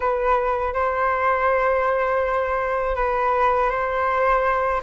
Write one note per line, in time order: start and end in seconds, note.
0.00 0.73 B4
0.73 2.95 C5
2.95 3.69 B4
3.70 4.81 C5